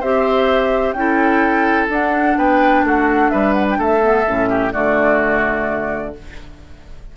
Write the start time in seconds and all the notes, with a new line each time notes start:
0.00 C4 G4 C5 E5
0.93 C#4 E4 G5
0.99 A4
1.90 D4 F#5
2.37 B3 B4 G5
2.84 A3 F#4 F#5
3.30 G3 B4 E5
3.53 F#5
3.70 G5
3.78 A3 A4 E5
4.01 B3
4.28 A2 C#4
4.50 G4
4.72 D3 A3 F#4 D5